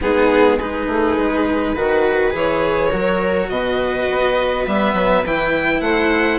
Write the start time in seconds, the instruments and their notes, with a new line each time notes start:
0.00 bassoon G#3, cello B3, viola D#4, violin G#4
0.56 cello D#4, viola G#4, violin B4
0.86 bassoon A3
1.17 bassoon G#3
1.73 bassoon D#3, cello F#4, viola B4
2.31 bassoon E3, cello G#4, violin C#5
2.90 bassoon F#3, cello F#4, viola A#4
3.49 bassoon B2, viola B4, violin D#5
4.09 bassoon B3
4.66 bassoon G3, cello B3, violin E5
4.93 bassoon F#3
5.25 bassoon E3, cello E4, violin G5
5.80 bassoon A3, viola C5, violin F#5